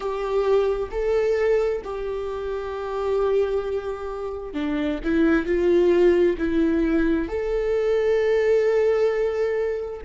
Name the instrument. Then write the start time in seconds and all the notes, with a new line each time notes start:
viola
0.00 G4
0.91 A4
1.84 G4
4.53 D4
5.04 E4
5.45 F4
6.38 E4
7.28 A4